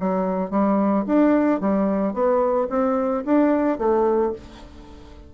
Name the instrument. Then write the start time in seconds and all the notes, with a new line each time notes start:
bassoon
0.00 F#3
0.51 G3
1.07 D4
1.61 G3
2.14 B3
2.70 C4
3.26 D4
3.79 A3